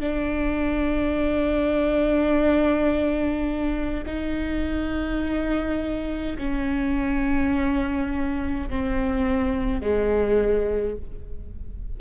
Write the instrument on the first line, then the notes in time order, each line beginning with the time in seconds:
viola
0.00 D4
4.06 D#4
6.38 C#4
8.70 C4
9.81 G#3